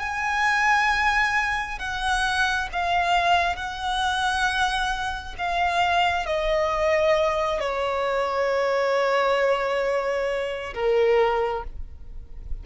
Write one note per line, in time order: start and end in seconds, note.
0.00 1.79 G#5
1.80 2.69 F#5
2.73 3.56 F5
3.56 5.35 F#5
5.39 6.26 F5
6.26 7.61 D#5
7.61 10.74 C#5
10.75 11.64 A#4